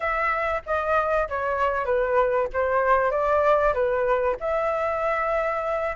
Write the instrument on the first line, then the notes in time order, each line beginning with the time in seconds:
flute
0.00 E5
0.66 D#5
1.28 C#5
1.85 B4
2.53 C5
3.11 D5
3.73 B4
4.39 E5